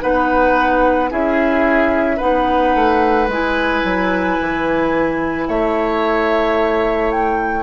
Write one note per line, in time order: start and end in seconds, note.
0.00 1.11 B3
0.00 1.09 D#4
0.00 1.10 B4
0.00 1.11 F#5
1.09 2.20 C#4
1.09 2.18 E4
1.09 2.17 G#4
1.09 2.19 E5
2.17 2.74 B3
2.17 3.28 D#4
2.17 5.44 B4
2.17 3.28 F#5
2.74 3.27 A3
3.27 3.82 G#3
3.27 7.62 E4
3.27 5.48 G#5
3.84 4.38 F#3
4.40 5.48 E3
5.48 7.62 A3
5.48 7.62 C#5
5.48 7.11 E5
7.11 7.62 G5